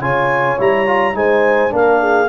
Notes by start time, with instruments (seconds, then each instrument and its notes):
0.00 tuba C#3, trombone F4, horn C#5, clarinet G#5
0.58 tuba G3, trombone E4, clarinet A#5
0.87 trombone F4
1.14 tuba G#3, trombone D#4, horn C5, clarinet G#5
1.70 tuba A#3, trombone D4, horn A#4
1.76 clarinet F5
2.01 horn G#4